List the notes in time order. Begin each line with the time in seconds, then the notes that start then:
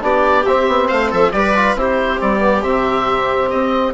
0.00 B3 D4 G4 D5
0.45 C4 E5
0.67 B3
0.88 A3 C5 F5
1.10 F3 A4 E5
1.31 G3 G4 B4 D5
1.56 F4
1.75 C4 E4 G4 C5
2.17 G3 C4 D5
2.39 B3
2.63 C3 C4 E5
3.49 C4 D#5